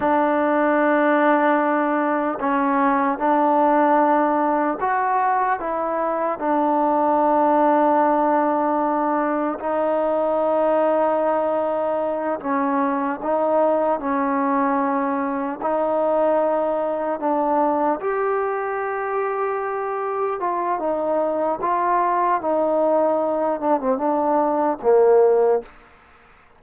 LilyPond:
\new Staff \with { instrumentName = "trombone" } { \time 4/4 \tempo 4 = 75 d'2. cis'4 | d'2 fis'4 e'4 | d'1 | dis'2.~ dis'8 cis'8~ |
cis'8 dis'4 cis'2 dis'8~ | dis'4. d'4 g'4.~ | g'4. f'8 dis'4 f'4 | dis'4. d'16 c'16 d'4 ais4 | }